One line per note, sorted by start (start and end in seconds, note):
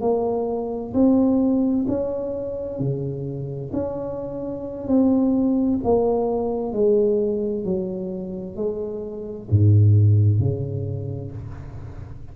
0.00 0.92 A#3
0.93 1.85 C4
1.87 2.79 C#4
2.79 3.71 C#3
3.73 4.87 C#4
4.87 5.79 C4
5.83 6.72 A#3
6.72 7.64 G#3
7.64 8.56 F#3
8.56 9.48 G#3
9.50 10.39 G#2
10.39 11.31 C#3